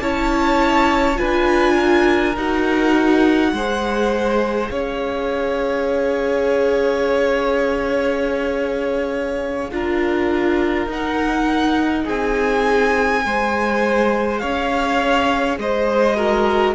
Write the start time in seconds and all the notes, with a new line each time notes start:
0.00 C#4 E4 C#5 A5
1.16 D4 F4 B4 G#5
1.74 A#4
2.36 D#4 F#4 F#5
3.52 G#3 G#4 C5
4.70 C#4 C#5 F5
9.71 D4 F4 A#4
10.87 D#4 F#5
12.04 C4 G#4 G#5
13.22 G#3 G#4 C5
14.39 C#4 C#5 F5
15.58 G#3 C5 D#5
16.16 F#4 A#4